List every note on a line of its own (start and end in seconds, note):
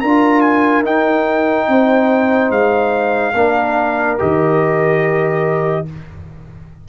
0.00 0.84 D4
0.00 0.84 F4
0.00 1.67 A#4
0.00 0.41 A#5
0.41 0.82 G#5
0.84 3.34 D#4
0.84 1.67 D#4
0.84 2.51 G5
1.67 2.50 C4
1.67 3.35 C5
2.50 3.33 G#3
2.50 4.18 F5
3.34 4.17 A#3
3.34 4.18 D4
3.34 5.85 A#4
4.18 5.88 D#3
4.18 5.85 G4
4.18 5.87 D#5